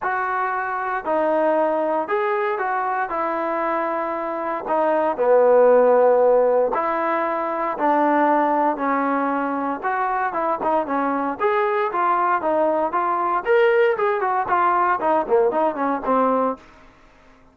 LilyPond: \new Staff \with { instrumentName = "trombone" } { \time 4/4 \tempo 4 = 116 fis'2 dis'2 | gis'4 fis'4 e'2~ | e'4 dis'4 b2~ | b4 e'2 d'4~ |
d'4 cis'2 fis'4 | e'8 dis'8 cis'4 gis'4 f'4 | dis'4 f'4 ais'4 gis'8 fis'8 | f'4 dis'8 ais8 dis'8 cis'8 c'4 | }